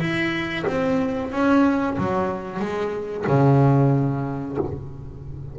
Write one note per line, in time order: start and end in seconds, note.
0.00 0.65 E4
0.67 1.32 C4
1.32 1.97 C#4
1.98 2.60 F#3
2.60 3.25 G#3
3.27 4.58 C#3